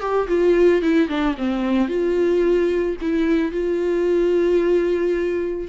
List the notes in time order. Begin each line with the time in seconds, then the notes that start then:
0.00 G4
0.28 F4
0.82 E4
1.08 D4
1.37 C4
1.88 F4
3.01 E4
3.52 F4